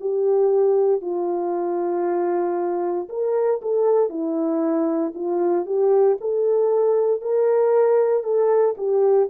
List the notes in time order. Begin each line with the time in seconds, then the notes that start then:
0.00 G4
1.01 F4
3.09 A#4
3.62 A4
4.10 E4
5.15 F4
5.66 G4
6.21 A4
7.21 A#4
8.23 A4
8.77 G4